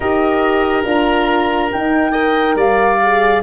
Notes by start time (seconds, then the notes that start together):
0.00 D#4 G4 A#4 D#5
0.84 D4 F4 A#5
1.72 D#4 G5
2.11 A#4 D#5
2.55 G3 D5 F5
3.02 G#4